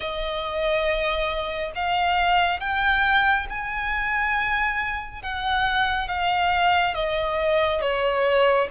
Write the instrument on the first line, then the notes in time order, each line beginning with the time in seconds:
violin
0.00 D#5
1.75 F5
2.59 G5
3.49 G#5
5.22 F#5
6.08 F5
6.94 D#5
7.81 C#5